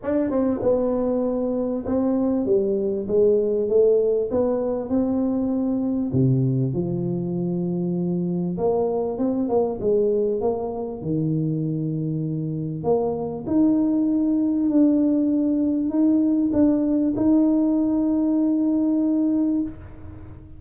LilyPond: \new Staff \with { instrumentName = "tuba" } { \time 4/4 \tempo 4 = 98 d'8 c'8 b2 c'4 | g4 gis4 a4 b4 | c'2 c4 f4~ | f2 ais4 c'8 ais8 |
gis4 ais4 dis2~ | dis4 ais4 dis'2 | d'2 dis'4 d'4 | dis'1 | }